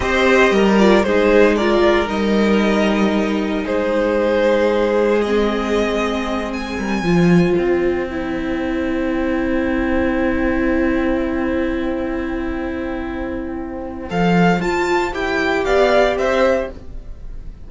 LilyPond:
<<
  \new Staff \with { instrumentName = "violin" } { \time 4/4 \tempo 4 = 115 dis''4. d''8 c''4 d''4 | dis''2. c''4~ | c''2 dis''2~ | dis''8 gis''2 g''4.~ |
g''1~ | g''1~ | g''2. f''4 | a''4 g''4 f''4 e''4 | }
  \new Staff \with { instrumentName = "violin" } { \time 4/4 c''4 ais'4 gis'4 ais'4~ | ais'2. gis'4~ | gis'1~ | gis'4 ais'8 c''2~ c''8~ |
c''1~ | c''1~ | c''1~ | c''2 d''4 c''4 | }
  \new Staff \with { instrumentName = "viola" } { \time 4/4 g'4. f'8 dis'4 f'4 | dis'1~ | dis'2 c'2~ | c'4. f'2 e'8~ |
e'1~ | e'1~ | e'2. a'4 | f'4 g'2. | }
  \new Staff \with { instrumentName = "cello" } { \time 4/4 c'4 g4 gis2 | g2. gis4~ | gis1~ | gis4 g8 f4 c'4.~ |
c'1~ | c'1~ | c'2. f4 | f'4 e'4 b4 c'4 | }
>>